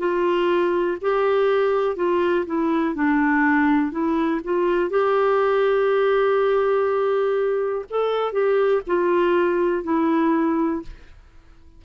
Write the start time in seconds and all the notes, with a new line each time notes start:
0.00 F4
1.01 G4
1.97 F4
2.46 E4
2.96 D4
3.92 E4
4.44 F4
4.90 G4
7.90 A4
8.33 G4
8.87 F4
9.84 E4